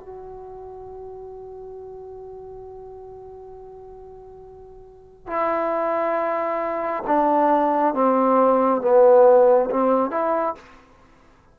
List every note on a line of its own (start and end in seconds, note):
0.00 5.27 F#4
5.27 7.04 E4
7.07 7.95 D4
7.95 8.82 C4
8.82 9.70 B3
9.71 10.11 C4
10.11 10.55 E4